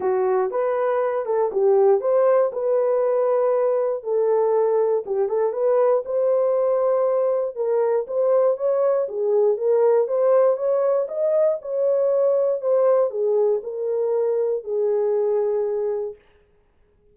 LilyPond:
\new Staff \with { instrumentName = "horn" } { \time 4/4 \tempo 4 = 119 fis'4 b'4. a'8 g'4 | c''4 b'2. | a'2 g'8 a'8 b'4 | c''2. ais'4 |
c''4 cis''4 gis'4 ais'4 | c''4 cis''4 dis''4 cis''4~ | cis''4 c''4 gis'4 ais'4~ | ais'4 gis'2. | }